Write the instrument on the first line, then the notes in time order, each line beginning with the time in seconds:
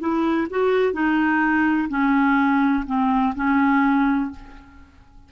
clarinet
0.00 E4
0.50 F#4
0.93 D#4
1.89 C#4
2.87 C4
3.35 C#4